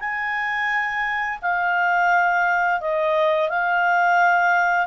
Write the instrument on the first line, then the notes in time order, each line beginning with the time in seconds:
clarinet
0.00 G#5
1.42 F5
2.81 D#5
3.49 F5